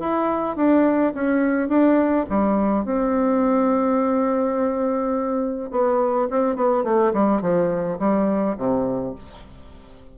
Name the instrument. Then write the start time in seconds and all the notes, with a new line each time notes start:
bassoon
0.00 E4
0.56 D4
1.14 C#4
1.69 D4
2.30 G3
2.85 C4
5.71 B3
6.30 C4
6.56 B3
6.84 A3
7.13 G3
7.41 F3
7.99 G3
8.57 C3